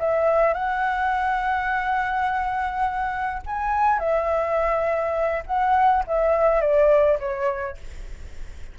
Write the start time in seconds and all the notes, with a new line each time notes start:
0.00 E5
0.54 F#5
3.47 G#5
4.00 E5
5.47 F#5
6.07 E5
6.61 D5
7.20 C#5